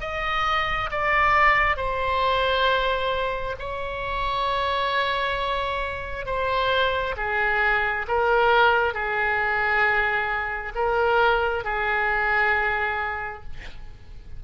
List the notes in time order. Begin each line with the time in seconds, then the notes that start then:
0.00 D#5
0.91 D5
1.76 C5
3.59 C#5
6.26 C5
7.16 G#4
8.08 A#4
8.93 G#4
10.75 A#4
11.64 G#4